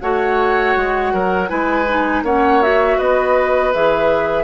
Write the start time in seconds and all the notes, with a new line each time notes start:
0.00 A3 F#4 C#5 F#5
0.76 G#3
1.13 F#3 A#4
1.48 G#3 E4 B4 G#5
1.88 D#4
2.22 A#3 C#4 C#5 F#5
2.62 F#4 E5
2.98 B3 B4 D#5
3.73 E3 G#4 E5